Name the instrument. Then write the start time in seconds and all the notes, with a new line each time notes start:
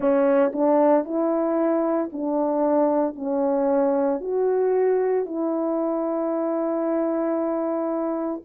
horn
0.00 C#4
0.53 D4
1.04 E4
2.12 D4
3.15 C#4
4.20 F#4
5.25 E4